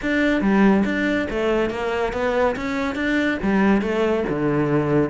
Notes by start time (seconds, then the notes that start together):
0.02 D4
0.41 G3
0.85 D4
1.29 A3
1.70 A#3
2.13 B3
2.56 C#4
2.95 D4
3.42 G3
3.81 A3
4.29 D3